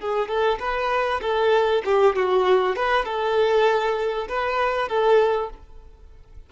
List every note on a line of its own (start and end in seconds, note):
0.00 0.28 G#4
0.28 0.58 A4
0.59 1.21 B4
1.21 1.83 A4
1.85 2.15 G4
2.16 2.76 F#4
2.76 3.05 B4
3.05 4.27 A4
4.28 4.88 B4
4.88 5.50 A4